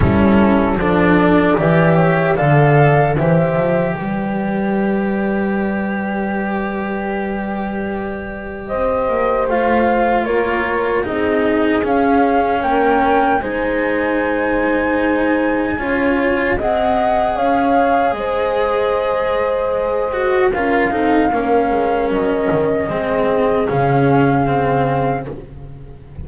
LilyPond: <<
  \new Staff \with { instrumentName = "flute" } { \time 4/4 \tempo 4 = 76 a'4 d''4 e''4 f''4 | e''4 d''2.~ | d''2. dis''4 | f''4 cis''4 dis''4 f''4 |
g''4 gis''2.~ | gis''4 fis''4 f''4 dis''4~ | dis''2 f''2 | dis''2 f''2 | }
  \new Staff \with { instrumentName = "horn" } { \time 4/4 e'4 a'4 d''8 cis''8 d''4 | c''4 b'2.~ | b'2. c''4~ | c''4 ais'4 gis'2 |
ais'4 c''2. | cis''4 dis''4 cis''4 c''4~ | c''2 ais'8 a'8 ais'4~ | ais'4 gis'2. | }
  \new Staff \with { instrumentName = "cello" } { \time 4/4 cis'4 d'4 g'4 a'4 | g'1~ | g'1 | f'2 dis'4 cis'4~ |
cis'4 dis'2. | f'4 gis'2.~ | gis'4. fis'8 f'8 dis'8 cis'4~ | cis'4 c'4 cis'4 c'4 | }
  \new Staff \with { instrumentName = "double bass" } { \time 4/4 g4 f4 e4 d4 | e8 f8 g2.~ | g2. c'8 ais8 | a4 ais4 c'4 cis'4 |
ais4 gis2. | cis'4 c'4 cis'4 gis4~ | gis2 cis'8 c'8 ais8 gis8 | fis8 dis8 gis4 cis2 | }
>>